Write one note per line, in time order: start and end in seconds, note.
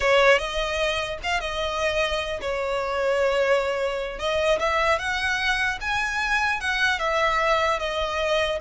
0.00 0.38 C#5
0.38 1.18 D#5
1.23 1.40 F5
1.40 2.40 D#5
2.40 4.19 C#5
4.19 4.59 D#5
4.59 4.99 E5
4.99 5.79 F#5
5.80 6.60 G#5
6.60 6.99 F#5
6.99 7.79 E5
7.79 8.59 D#5